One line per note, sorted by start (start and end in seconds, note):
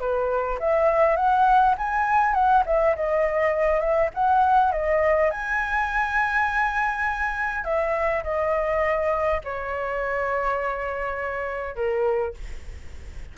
0.00 0.59 B4
0.60 1.17 E5
1.17 1.75 F#5
1.78 2.34 G#5
2.34 2.64 F#5
2.66 2.96 E5
2.96 3.80 D#5
3.80 4.10 E5
4.14 4.72 F#5
4.72 5.31 D#5
5.31 7.64 G#5
7.64 8.23 E5
8.24 9.41 D#5
9.45 11.76 C#5
11.76 12.34 A#4